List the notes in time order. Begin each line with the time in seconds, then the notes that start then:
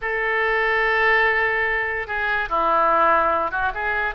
0.01 A4
2.07 G#4
2.49 E4
3.51 F#4
3.74 G#4